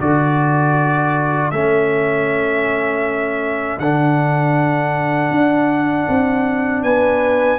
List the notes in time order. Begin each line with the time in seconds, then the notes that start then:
0.00 D3 F#4 A4 D5
1.51 A3 C#4 E5
3.79 D3 D4 F#5
5.31 D4
6.08 C4
6.83 B3 B4 G#5